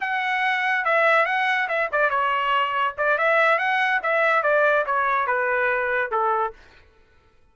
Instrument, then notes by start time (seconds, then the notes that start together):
trumpet
0.00 F#5
0.85 E5
1.25 F#5
1.68 E5
1.92 D5
2.10 C#5
2.97 D5
3.17 E5
3.58 F#5
4.02 E5
4.43 D5
4.86 C#5
5.26 B4
6.11 A4